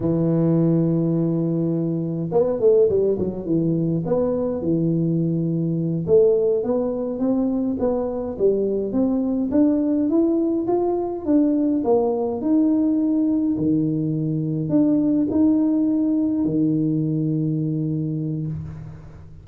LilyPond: \new Staff \with { instrumentName = "tuba" } { \time 4/4 \tempo 4 = 104 e1 | b8 a8 g8 fis8 e4 b4 | e2~ e8 a4 b8~ | b8 c'4 b4 g4 c'8~ |
c'8 d'4 e'4 f'4 d'8~ | d'8 ais4 dis'2 dis8~ | dis4. d'4 dis'4.~ | dis'8 dis2.~ dis8 | }